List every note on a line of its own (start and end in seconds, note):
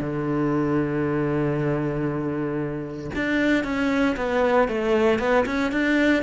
0.00 3.10 D3
3.15 3.63 D4
3.63 4.15 C#4
4.16 4.68 B3
4.68 5.19 A3
5.19 5.45 B3
5.45 5.71 C#4
5.72 6.23 D4